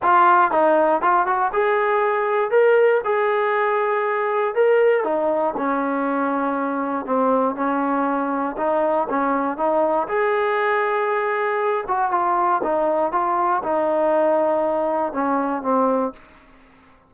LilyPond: \new Staff \with { instrumentName = "trombone" } { \time 4/4 \tempo 4 = 119 f'4 dis'4 f'8 fis'8 gis'4~ | gis'4 ais'4 gis'2~ | gis'4 ais'4 dis'4 cis'4~ | cis'2 c'4 cis'4~ |
cis'4 dis'4 cis'4 dis'4 | gis'2.~ gis'8 fis'8 | f'4 dis'4 f'4 dis'4~ | dis'2 cis'4 c'4 | }